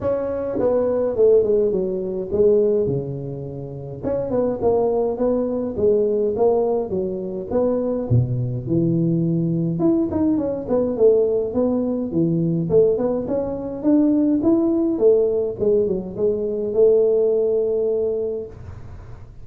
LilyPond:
\new Staff \with { instrumentName = "tuba" } { \time 4/4 \tempo 4 = 104 cis'4 b4 a8 gis8 fis4 | gis4 cis2 cis'8 b8 | ais4 b4 gis4 ais4 | fis4 b4 b,4 e4~ |
e4 e'8 dis'8 cis'8 b8 a4 | b4 e4 a8 b8 cis'4 | d'4 e'4 a4 gis8 fis8 | gis4 a2. | }